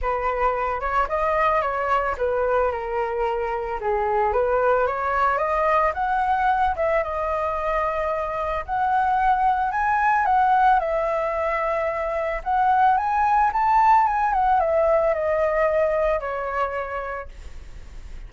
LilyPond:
\new Staff \with { instrumentName = "flute" } { \time 4/4 \tempo 4 = 111 b'4. cis''8 dis''4 cis''4 | b'4 ais'2 gis'4 | b'4 cis''4 dis''4 fis''4~ | fis''8 e''8 dis''2. |
fis''2 gis''4 fis''4 | e''2. fis''4 | gis''4 a''4 gis''8 fis''8 e''4 | dis''2 cis''2 | }